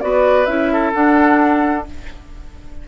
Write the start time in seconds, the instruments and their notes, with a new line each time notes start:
0.00 bassoon B3, clarinet F#4, oboe B4, flute D5
0.46 bassoon C#4, clarinet E4, flute E5
0.72 oboe A4
0.93 clarinet D4, bassoon D4, flute F#5